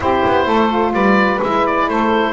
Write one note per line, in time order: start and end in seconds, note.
0.00 0.23 C4
0.00 0.68 E4
0.00 0.45 G4
0.00 0.93 C5
0.26 0.46 B3
0.45 0.93 A3
0.45 0.92 A4
0.68 1.38 F4
0.93 1.40 G3
0.93 1.88 B4
0.93 1.40 D5
1.42 1.88 G#3
1.42 2.33 E4
1.42 1.66 E5
1.66 1.89 D5
1.88 2.33 A3
1.88 2.33 A4
1.88 2.33 C5